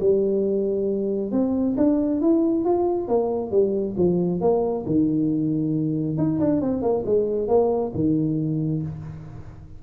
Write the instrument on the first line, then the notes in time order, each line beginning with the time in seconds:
tuba
0.00 G3
1.32 C4
1.77 D4
2.21 E4
2.65 F4
3.08 A#3
3.51 G3
3.97 F3
4.41 A#3
4.86 D#3
6.17 D#4
6.40 D4
6.61 C4
6.82 A#3
7.06 G#3
7.48 A#3
7.94 D#3